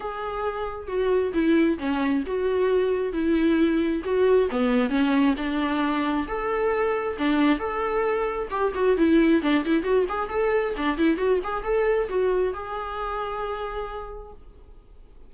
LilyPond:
\new Staff \with { instrumentName = "viola" } { \time 4/4 \tempo 4 = 134 gis'2 fis'4 e'4 | cis'4 fis'2 e'4~ | e'4 fis'4 b4 cis'4 | d'2 a'2 |
d'4 a'2 g'8 fis'8 | e'4 d'8 e'8 fis'8 gis'8 a'4 | d'8 e'8 fis'8 gis'8 a'4 fis'4 | gis'1 | }